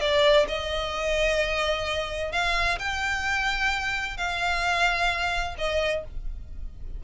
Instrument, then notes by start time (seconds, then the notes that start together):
violin
0.00 D5
0.48 D#5
2.32 F5
2.79 G5
4.17 F5
5.58 D#5